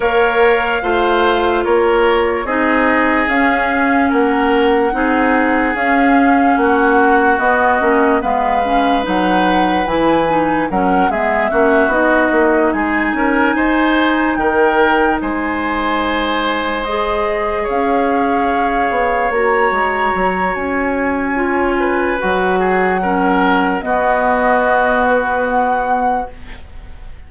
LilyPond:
<<
  \new Staff \with { instrumentName = "flute" } { \time 4/4 \tempo 4 = 73 f''2 cis''4 dis''4 | f''4 fis''2 f''4 | fis''4 dis''4 f''4 fis''4 | gis''4 fis''8 e''4 dis''4 gis''8~ |
gis''4. g''4 gis''4.~ | gis''8 dis''4 f''2 ais''8~ | ais''4 gis''2 fis''4~ | fis''4 dis''4. b'8 fis''4 | }
  \new Staff \with { instrumentName = "oboe" } { \time 4/4 cis''4 c''4 ais'4 gis'4~ | gis'4 ais'4 gis'2 | fis'2 b'2~ | b'4 ais'8 gis'8 fis'4. gis'8 |
ais'8 c''4 ais'4 c''4.~ | c''4. cis''2~ cis''8~ | cis''2~ cis''8 b'4 gis'8 | ais'4 fis'2. | }
  \new Staff \with { instrumentName = "clarinet" } { \time 4/4 ais'4 f'2 dis'4 | cis'2 dis'4 cis'4~ | cis'4 b8 cis'8 b8 cis'8 dis'4 | e'8 dis'8 cis'8 b8 cis'8 dis'4.~ |
dis'1~ | dis'8 gis'2. fis'8~ | fis'2 f'4 fis'4 | cis'4 b2. | }
  \new Staff \with { instrumentName = "bassoon" } { \time 4/4 ais4 a4 ais4 c'4 | cis'4 ais4 c'4 cis'4 | ais4 b8 ais8 gis4 fis4 | e4 fis8 gis8 ais8 b8 ais8 gis8 |
cis'8 dis'4 dis4 gis4.~ | gis4. cis'4. b8 ais8 | gis8 fis8 cis'2 fis4~ | fis4 b2. | }
>>